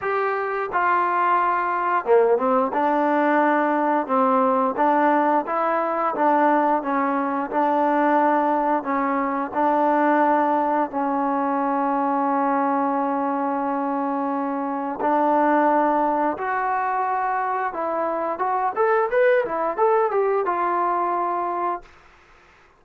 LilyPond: \new Staff \with { instrumentName = "trombone" } { \time 4/4 \tempo 4 = 88 g'4 f'2 ais8 c'8 | d'2 c'4 d'4 | e'4 d'4 cis'4 d'4~ | d'4 cis'4 d'2 |
cis'1~ | cis'2 d'2 | fis'2 e'4 fis'8 a'8 | b'8 e'8 a'8 g'8 f'2 | }